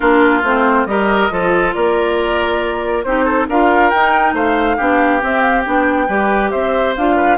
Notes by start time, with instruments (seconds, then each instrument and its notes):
0.00 bassoon A#3, clarinet D4, oboe F4, flute A#4
0.43 bassoon A3, clarinet C4, flute C5
0.86 bassoon G3, clarinet G4, oboe A#4, flute D#5
1.30 bassoon F3, clarinet F4, oboe A4
1.73 bassoon A#3, oboe A#4, flute D5
3.03 bassoon C4, clarinet D#4, oboe G4, flute C5
3.24 oboe A4
3.48 bassoon D4, clarinet F4, oboe A#4, flute F5
3.90 bassoon D#4, clarinet D#4, flute G5
4.33 bassoon A3, oboe C5, flute F5
4.76 bassoon B3, clarinet D4, oboe G4
5.20 clarinet C4, bassoon C4, flute E5
5.41 flute F5
5.64 bassoon B3, clarinet D4, flute G5
6.08 bassoon G3, clarinet G4, oboe B4
6.50 bassoon C4, oboe C5, flute E5
6.96 bassoon D4, clarinet F4, flute F5
7.16 oboe B4